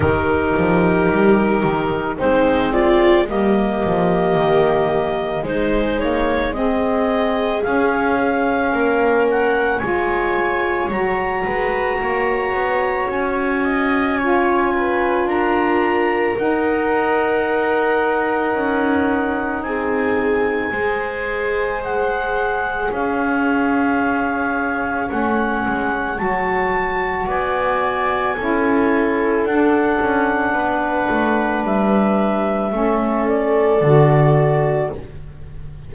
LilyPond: <<
  \new Staff \with { instrumentName = "clarinet" } { \time 4/4 \tempo 4 = 55 ais'2 c''8 d''8 dis''4~ | dis''4 c''8 cis''8 dis''4 f''4~ | f''8 fis''8 gis''4 ais''2 | gis''2 ais''4 fis''4~ |
fis''2 gis''2 | fis''4 f''2 fis''4 | a''4 gis''2 fis''4~ | fis''4 e''4. d''4. | }
  \new Staff \with { instrumentName = "viola" } { \time 4/4 g'2 dis'8 f'8 g'4~ | g'4 dis'4 gis'2 | ais'4 cis''4. b'8 cis''4~ | cis''8 dis''8 cis''8 b'8 ais'2~ |
ais'2 gis'4 c''4~ | c''4 cis''2.~ | cis''4 d''4 a'2 | b'2 a'2 | }
  \new Staff \with { instrumentName = "saxophone" } { \time 4/4 dis'2 c'4 ais4~ | ais4 gis8 ais8 c'4 cis'4~ | cis'4 f'4 fis'2~ | fis'4 f'2 dis'4~ |
dis'2. gis'4~ | gis'2. cis'4 | fis'2 e'4 d'4~ | d'2 cis'4 fis'4 | }
  \new Staff \with { instrumentName = "double bass" } { \time 4/4 dis8 f8 g8 dis8 gis4 g8 f8 | dis4 gis2 cis'4 | ais4 gis4 fis8 gis8 ais8 b8 | cis'2 d'4 dis'4~ |
dis'4 cis'4 c'4 gis4~ | gis4 cis'2 a8 gis8 | fis4 b4 cis'4 d'8 cis'8 | b8 a8 g4 a4 d4 | }
>>